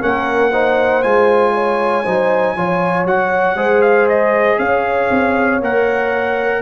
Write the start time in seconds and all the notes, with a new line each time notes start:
0.00 A#3 C#4 A#4 F#5
0.51 D#4 C5
1.02 G#3 F4 G#5
1.54 C#5
2.03 F#3 D#4 C5
2.55 F3 F4 C#5
3.04 F#3 F#4 F#5
3.55 G#3 G#4 C5
3.81 F5
4.08 D#5
4.58 C#4 C#5 F5
5.10 C4
5.60 A#3 A#4 F#5